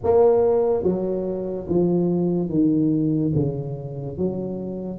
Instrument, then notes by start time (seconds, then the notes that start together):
tuba
0.03 A#3
0.83 F#3
1.68 F3
2.48 D#3
3.35 C#3
4.17 F#3